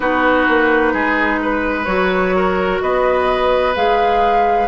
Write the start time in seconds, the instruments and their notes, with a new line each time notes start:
0.00 bassoon B3, clarinet D#4, oboe F#4, flute B4
0.48 bassoon A#3
0.93 bassoon G#3, oboe G#4
1.42 oboe B4
1.85 bassoon F#3, clarinet F#4, flute C#5
2.36 oboe A#4
2.81 bassoon B3, oboe B4, flute D#5
3.74 bassoon G#3, clarinet G#4, flute F5